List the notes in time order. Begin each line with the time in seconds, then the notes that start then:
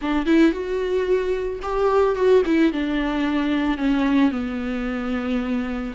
0.01 D4
0.26 E4
0.51 F#4
1.62 G4
2.15 F#4
2.45 E4
2.72 D4
3.77 C#4
4.31 B3